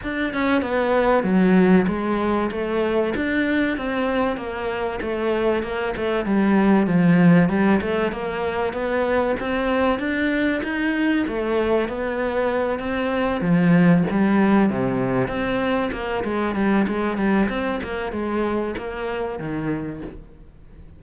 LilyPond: \new Staff \with { instrumentName = "cello" } { \time 4/4 \tempo 4 = 96 d'8 cis'8 b4 fis4 gis4 | a4 d'4 c'4 ais4 | a4 ais8 a8 g4 f4 | g8 a8 ais4 b4 c'4 |
d'4 dis'4 a4 b4~ | b8 c'4 f4 g4 c8~ | c8 c'4 ais8 gis8 g8 gis8 g8 | c'8 ais8 gis4 ais4 dis4 | }